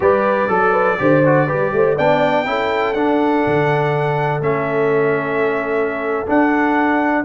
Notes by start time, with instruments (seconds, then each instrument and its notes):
0.00 tuba G3, trombone G4, horn B4, trumpet D5
0.48 tuba F#3, trombone A4, horn A4
0.71 horn B4
0.99 tuba D3, trombone G4, horn C5
1.25 trombone F#4
1.46 tuba G3, trombone G4, horn B4
1.73 tuba A3, horn C5
1.95 tuba B3, trombone D4, horn D5, trumpet G5
2.45 tuba C#4, trombone E4, horn A4
2.93 tuba D4, trombone D4, trumpet F#5
3.46 tuba D3
4.39 tuba A3, trombone C#4, trumpet E5
6.26 trombone D4, tuba D4, trumpet F#5